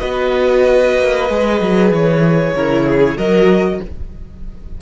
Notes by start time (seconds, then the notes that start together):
0.00 B3 F#4 B4 D#5
0.98 A#3
1.29 G#3 G#4
1.61 F#3
1.91 E3 C#5
2.55 C#3 E4 A#4
2.86 G#4
3.17 F#3 F#4 A#4 D#5